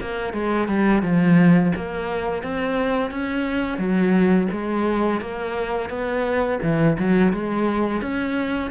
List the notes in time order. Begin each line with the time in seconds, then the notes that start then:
0.00 A#3
0.33 G#3
0.68 G3
1.02 F3
1.75 A#3
2.42 C4
3.10 C#4
3.78 F#3
4.51 G#3
5.20 A#3
5.89 B3
6.62 E3
6.98 F#3
7.32 G#3
8.01 C#4